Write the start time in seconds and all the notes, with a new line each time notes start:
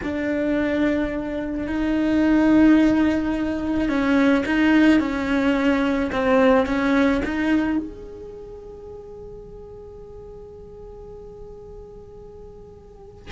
0.03 D4
1.67 D#4
3.89 C#4
4.45 D#4
4.99 C#4
6.12 C4
6.66 C#4
7.24 D#4
7.78 G#4